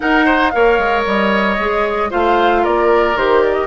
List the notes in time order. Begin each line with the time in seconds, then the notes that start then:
0.00 D#4 A#4 F#5
0.25 C5
0.49 A#3 A#4 C#5 F5
0.78 G#3
1.06 G3 D#5
1.59 G#3 G#4
2.09 A3 F4 C5 F5
2.62 A#3 A#4 D5
3.15 D#3 G4 C5
3.42 D5
3.54 D#5